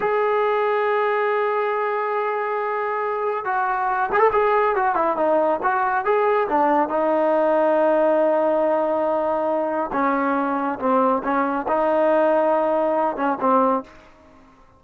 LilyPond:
\new Staff \with { instrumentName = "trombone" } { \time 4/4 \tempo 4 = 139 gis'1~ | gis'1 | fis'4. gis'16 a'16 gis'4 fis'8 e'8 | dis'4 fis'4 gis'4 d'4 |
dis'1~ | dis'2. cis'4~ | cis'4 c'4 cis'4 dis'4~ | dis'2~ dis'8 cis'8 c'4 | }